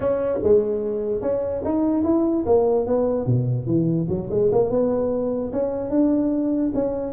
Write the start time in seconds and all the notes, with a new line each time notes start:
0.00 C#4
0.43 G#3
1.21 C#4
1.64 D#4
2.03 E4
2.45 A#3
2.86 B3
3.26 B2
3.66 E3
4.08 F#3
4.30 G#3
4.52 A#3
4.69 B3
5.52 C#4
5.90 D4
6.74 C#4